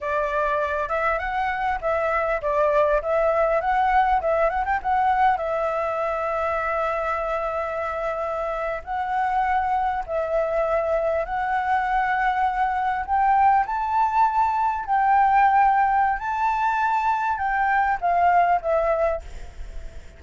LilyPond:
\new Staff \with { instrumentName = "flute" } { \time 4/4 \tempo 4 = 100 d''4. e''8 fis''4 e''4 | d''4 e''4 fis''4 e''8 fis''16 g''16 | fis''4 e''2.~ | e''2~ e''8. fis''4~ fis''16~ |
fis''8. e''2 fis''4~ fis''16~ | fis''4.~ fis''16 g''4 a''4~ a''16~ | a''8. g''2~ g''16 a''4~ | a''4 g''4 f''4 e''4 | }